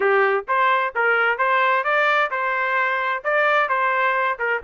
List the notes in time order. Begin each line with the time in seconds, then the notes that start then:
0.00 G4
0.48 C5
0.95 A#4
1.37 C5
1.84 D5
2.31 C5
3.23 D5
3.68 C5
4.38 A#4